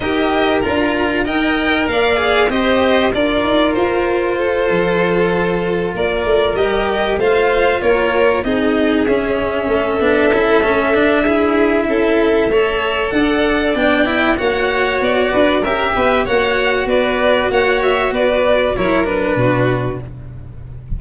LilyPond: <<
  \new Staff \with { instrumentName = "violin" } { \time 4/4 \tempo 4 = 96 dis''4 ais''4 g''4 f''4 | dis''4 d''4 c''2~ | c''4. d''4 dis''4 f''8~ | f''8 cis''4 dis''4 e''4.~ |
e''1~ | e''4 fis''4 g''4 fis''4 | d''4 e''4 fis''4 d''4 | fis''8 e''8 d''4 cis''8 b'4. | }
  \new Staff \with { instrumentName = "violin" } { \time 4/4 ais'2 dis''4 d''4 | c''4 ais'2 a'4~ | a'4. ais'2 c''8~ | c''8 ais'4 gis'2 a'8~ |
a'2 gis'4 a'4 | cis''4 d''2 cis''4~ | cis''8 b'8 ais'8 b'8 cis''4 b'4 | cis''4 b'4 ais'4 fis'4 | }
  \new Staff \with { instrumentName = "cello" } { \time 4/4 g'4 f'4 ais'4. gis'8 | g'4 f'2.~ | f'2~ f'8 g'4 f'8~ | f'4. dis'4 cis'4. |
d'8 e'8 cis'8 d'8 e'2 | a'2 d'8 e'8 fis'4~ | fis'4 g'4 fis'2~ | fis'2 e'8 d'4. | }
  \new Staff \with { instrumentName = "tuba" } { \time 4/4 dis'4 d'4 dis'4 ais4 | c'4 d'8 dis'8 f'4. f8~ | f4. ais8 a8 g4 a8~ | a8 ais4 c'4 cis'4 a8 |
b8 cis'8 a8 d'4. cis'4 | a4 d'4 b4 ais4 | b8 d'8 cis'8 b8 ais4 b4 | ais4 b4 fis4 b,4 | }
>>